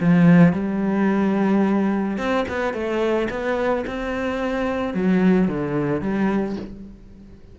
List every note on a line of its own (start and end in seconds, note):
0.00 0.53 F3
0.53 2.17 G3
2.17 2.45 C4
2.48 2.73 B3
2.73 3.29 A3
3.30 3.85 B3
3.87 4.94 C4
4.94 5.48 F#3
5.48 6.01 D3
6.01 6.56 G3